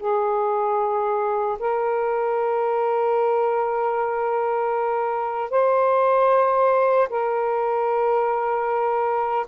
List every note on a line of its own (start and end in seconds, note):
0.00 1.58 G#4
1.59 5.50 A#4
5.50 7.08 C5
7.10 9.47 A#4